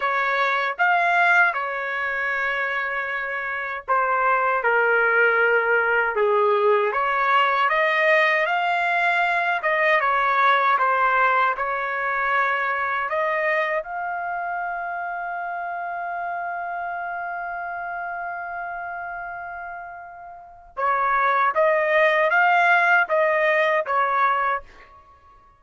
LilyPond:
\new Staff \with { instrumentName = "trumpet" } { \time 4/4 \tempo 4 = 78 cis''4 f''4 cis''2~ | cis''4 c''4 ais'2 | gis'4 cis''4 dis''4 f''4~ | f''8 dis''8 cis''4 c''4 cis''4~ |
cis''4 dis''4 f''2~ | f''1~ | f''2. cis''4 | dis''4 f''4 dis''4 cis''4 | }